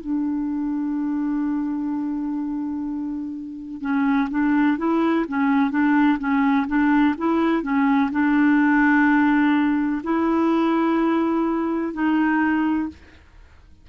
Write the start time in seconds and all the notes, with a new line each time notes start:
0.00 D4
3.81 C#4
4.29 D4
4.77 E4
5.28 C#4
5.70 D4
6.19 C#4
6.67 D4
7.17 E4
7.62 C#4
8.11 D4
10.03 E4
11.93 D#4